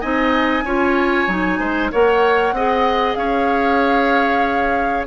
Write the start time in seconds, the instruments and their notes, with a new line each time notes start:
0.00 bassoon C4, clarinet D#4, oboe D#5, flute G#5
0.64 bassoon C#4, clarinet F4, oboe C#5
1.27 bassoon F#3, clarinet D#4
1.59 bassoon G#3, oboe C5
1.91 bassoon A#3, clarinet A#4, oboe C#5, flute F#5
2.52 bassoon C4, clarinet G#4, oboe D#5
3.15 bassoon C#4, oboe C#5, flute F5